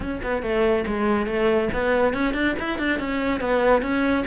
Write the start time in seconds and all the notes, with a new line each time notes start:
0.00 C#4
0.22 B3
0.42 A3
0.86 G#3
1.26 A3
1.73 B3
2.13 C#4
2.34 D4
2.59 E4
2.78 D4
2.99 C#4
3.40 B3
3.82 C#4